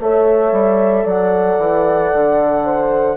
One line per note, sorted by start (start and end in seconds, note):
0.00 0.52 A3
0.00 3.17 A4
0.00 1.04 C#5
0.00 1.07 E5
0.52 1.04 G3
1.04 1.58 F#3
1.04 2.61 D5
1.04 3.17 F#5
1.58 2.11 E3
2.14 3.17 D3
2.64 3.17 C5